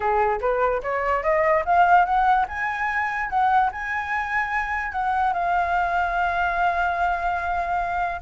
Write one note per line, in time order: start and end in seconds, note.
0.00 0.39 G#4
0.40 0.81 B4
0.82 1.23 C#5
1.23 1.64 D#5
1.65 2.05 F5
2.05 2.46 F#5
2.48 3.29 G#5
3.29 3.70 F#5
3.72 4.92 G#5
4.92 5.33 F#5
5.33 8.20 F5